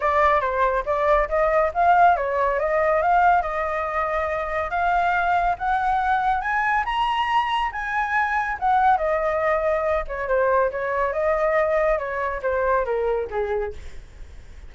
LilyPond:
\new Staff \with { instrumentName = "flute" } { \time 4/4 \tempo 4 = 140 d''4 c''4 d''4 dis''4 | f''4 cis''4 dis''4 f''4 | dis''2. f''4~ | f''4 fis''2 gis''4 |
ais''2 gis''2 | fis''4 dis''2~ dis''8 cis''8 | c''4 cis''4 dis''2 | cis''4 c''4 ais'4 gis'4 | }